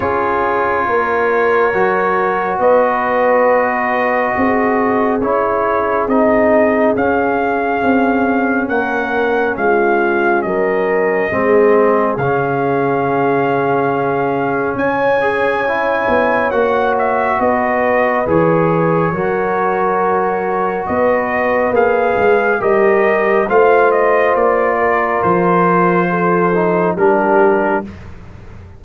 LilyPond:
<<
  \new Staff \with { instrumentName = "trumpet" } { \time 4/4 \tempo 4 = 69 cis''2. dis''4~ | dis''2 cis''4 dis''4 | f''2 fis''4 f''4 | dis''2 f''2~ |
f''4 gis''2 fis''8 e''8 | dis''4 cis''2. | dis''4 f''4 dis''4 f''8 dis''8 | d''4 c''2 ais'4 | }
  \new Staff \with { instrumentName = "horn" } { \time 4/4 gis'4 ais'2 b'4~ | b'4 gis'2.~ | gis'2 ais'4 f'4 | ais'4 gis'2.~ |
gis'4 cis''2. | b'2 ais'2 | b'2 ais'4 c''4~ | c''8 ais'4. a'4 g'4 | }
  \new Staff \with { instrumentName = "trombone" } { \time 4/4 f'2 fis'2~ | fis'2 e'4 dis'4 | cis'1~ | cis'4 c'4 cis'2~ |
cis'4. gis'8 e'4 fis'4~ | fis'4 gis'4 fis'2~ | fis'4 gis'4 g'4 f'4~ | f'2~ f'8 dis'8 d'4 | }
  \new Staff \with { instrumentName = "tuba" } { \time 4/4 cis'4 ais4 fis4 b4~ | b4 c'4 cis'4 c'4 | cis'4 c'4 ais4 gis4 | fis4 gis4 cis2~ |
cis4 cis'4. b8 ais4 | b4 e4 fis2 | b4 ais8 gis8 g4 a4 | ais4 f2 g4 | }
>>